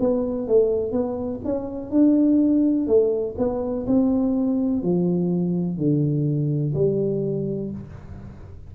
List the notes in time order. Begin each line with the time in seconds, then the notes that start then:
0.00 B3
0.47 A3
0.92 B3
1.45 C#4
1.90 D4
2.87 A3
3.37 B3
3.86 C4
4.82 F3
5.77 D3
6.74 G3